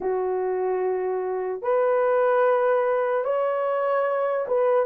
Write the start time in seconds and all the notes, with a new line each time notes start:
0.00 F#4
1.62 B4
3.24 C#5
4.47 B4